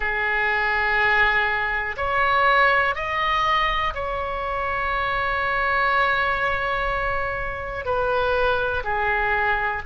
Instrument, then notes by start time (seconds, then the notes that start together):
oboe
0.00 G#4
1.96 C#5
2.95 D#5
3.94 C#5
7.85 B4
8.83 G#4